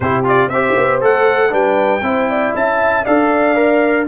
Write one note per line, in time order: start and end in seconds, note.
0.00 0.47 C3
0.00 0.24 E4
0.00 0.51 G4
0.00 0.24 C5
0.24 0.49 F4
0.24 0.49 D5
0.47 0.73 C4
0.47 0.99 E5
0.53 1.01 G4
0.53 1.50 C5
0.76 1.02 B3
1.01 1.52 A3
1.01 1.49 A4
1.01 1.53 F#5
1.49 2.01 G3
1.49 2.00 D4
1.49 2.01 B4
1.49 2.55 G5
2.01 2.52 C4
2.01 3.05 E4
2.01 2.29 C5
2.29 2.54 D5
2.54 3.05 C#4
2.54 3.04 E5
2.54 3.05 A5
3.04 4.08 D4
3.04 3.55 A4
3.04 4.06 D5
3.04 4.07 F5
3.55 4.06 A#4